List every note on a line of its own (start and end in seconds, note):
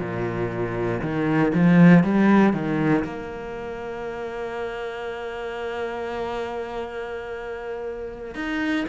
0.00 1.02 A#2
1.02 1.53 D#3
1.55 2.04 F3
2.04 2.54 G3
2.54 3.05 D#3
3.05 8.35 A#3
8.35 8.86 D#4